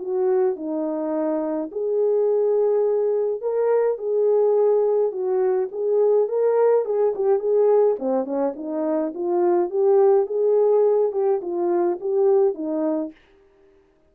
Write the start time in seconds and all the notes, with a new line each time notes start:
0.00 F#4
0.56 D#4
1.72 G#4
3.42 A#4
3.98 G#4
5.12 F#4
5.72 G#4
6.29 A#4
6.86 G#4
7.16 G4
7.40 G#4
8.00 C4
8.25 C#4
8.57 D#4
9.15 F4
9.71 G4
10.27 G#4
11.12 G4
11.42 F4
12.01 G4
12.55 D#4